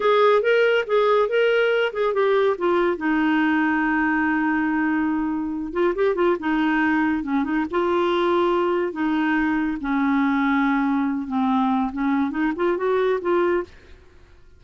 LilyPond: \new Staff \with { instrumentName = "clarinet" } { \time 4/4 \tempo 4 = 141 gis'4 ais'4 gis'4 ais'4~ | ais'8 gis'8 g'4 f'4 dis'4~ | dis'1~ | dis'4. f'8 g'8 f'8 dis'4~ |
dis'4 cis'8 dis'8 f'2~ | f'4 dis'2 cis'4~ | cis'2~ cis'8 c'4. | cis'4 dis'8 f'8 fis'4 f'4 | }